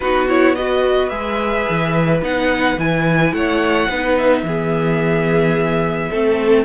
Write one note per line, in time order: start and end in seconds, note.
0.00 1.10 B3
0.00 0.28 D#4
0.00 0.56 F#4
0.00 0.27 B4
0.28 0.56 E4
0.28 0.55 C#5
0.55 1.10 F#4
0.55 3.34 B4
0.55 1.09 D#5
1.09 1.66 G#3
1.09 2.21 G#4
1.09 2.20 E5
1.69 2.21 E3
2.21 2.77 B3
2.21 2.77 D#4
2.21 2.79 F#5
2.77 3.32 E3
2.77 3.89 E4
2.77 3.33 G#5
3.32 3.88 A3
3.32 3.88 C#5
3.32 4.17 F#5
3.88 4.42 B3
3.88 4.46 D#4
3.88 4.44 B4
4.17 6.65 E5
4.42 6.09 E3
4.42 6.12 B3
4.42 6.10 G#4
6.10 6.65 A3
6.10 6.65 C4
6.10 6.65 A4